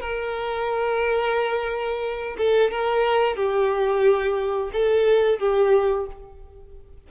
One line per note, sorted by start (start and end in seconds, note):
0.00 2.36 A#4
2.37 2.71 A4
2.71 3.36 A#4
3.36 4.70 G4
4.73 5.39 A4
5.39 6.06 G4